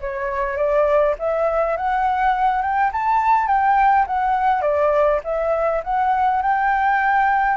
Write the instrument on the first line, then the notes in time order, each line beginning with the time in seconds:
flute
0.00 C#5
0.56 D5
1.18 E5
1.76 F#5
2.61 G5
2.92 A5
3.47 G5
4.06 F#5
4.61 D5
5.24 E5
5.83 F#5
6.42 G5